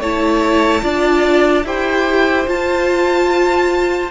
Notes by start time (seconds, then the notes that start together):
0.00 A3 E4 C#5 A5
0.82 D4 F4 D5
1.64 E4 G4 C5 G5
2.47 F4 A5